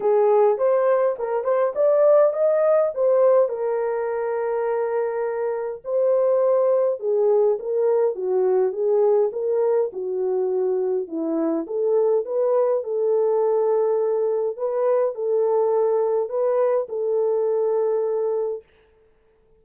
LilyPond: \new Staff \with { instrumentName = "horn" } { \time 4/4 \tempo 4 = 103 gis'4 c''4 ais'8 c''8 d''4 | dis''4 c''4 ais'2~ | ais'2 c''2 | gis'4 ais'4 fis'4 gis'4 |
ais'4 fis'2 e'4 | a'4 b'4 a'2~ | a'4 b'4 a'2 | b'4 a'2. | }